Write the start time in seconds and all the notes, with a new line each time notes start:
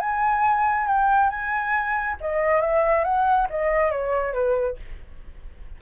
0.00 G#5
0.87 G5
1.30 G#5
2.21 D#5
2.61 E5
3.04 F#5
3.50 D#5
3.91 C#5
4.33 B4